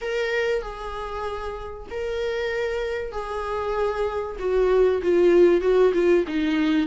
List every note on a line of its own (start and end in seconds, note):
0.01 0.62 A#4
0.62 1.87 G#4
1.90 3.12 A#4
3.12 4.37 G#4
4.39 5.01 F#4
5.02 5.61 F4
5.61 5.92 F#4
5.93 6.24 F4
6.27 6.87 D#4